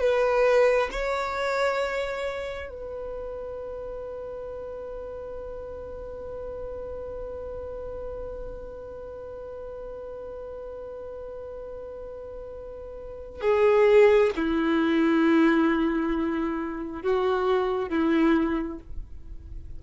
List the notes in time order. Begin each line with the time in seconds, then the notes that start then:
0.00 B4
0.91 C#5
2.69 B4
13.41 G#4
14.36 E4
17.02 F#4
17.89 E4